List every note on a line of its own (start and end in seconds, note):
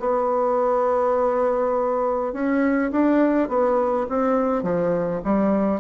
0.00 2.33 B3
2.33 2.91 C#4
2.92 3.49 D4
3.49 4.07 B3
4.09 4.63 C4
4.63 5.21 F3
5.24 5.80 G3